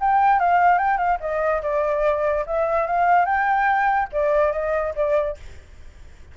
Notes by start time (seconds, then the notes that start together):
0.00 G5
0.39 F5
0.78 G5
0.97 F5
1.20 D#5
1.62 D5
2.46 E5
2.86 F5
3.25 G5
4.12 D5
4.52 D#5
4.95 D5